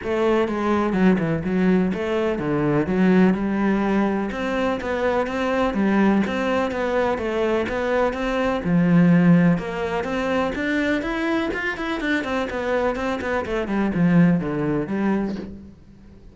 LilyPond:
\new Staff \with { instrumentName = "cello" } { \time 4/4 \tempo 4 = 125 a4 gis4 fis8 e8 fis4 | a4 d4 fis4 g4~ | g4 c'4 b4 c'4 | g4 c'4 b4 a4 |
b4 c'4 f2 | ais4 c'4 d'4 e'4 | f'8 e'8 d'8 c'8 b4 c'8 b8 | a8 g8 f4 d4 g4 | }